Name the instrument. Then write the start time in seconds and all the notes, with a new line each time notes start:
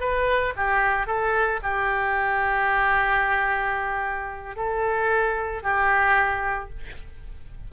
oboe
0.00 B4
0.56 G4
1.07 A4
1.63 G4
4.56 A4
5.63 G4